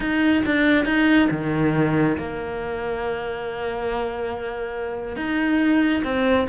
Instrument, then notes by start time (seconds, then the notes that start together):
cello
0.00 D#4
0.45 D4
0.85 D#4
1.30 D#3
2.17 A#3
5.16 D#4
6.04 C4